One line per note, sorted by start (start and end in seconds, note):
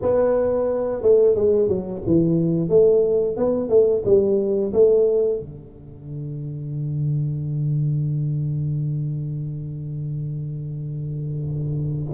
0.01 1.02 B3
1.02 1.35 A3
1.35 1.68 G#3
1.68 2.02 F#3
2.06 2.69 E3
2.69 3.36 A3
3.36 3.69 B3
3.69 4.02 A3
4.05 4.72 G3
4.73 5.39 A3
5.39 12.13 D3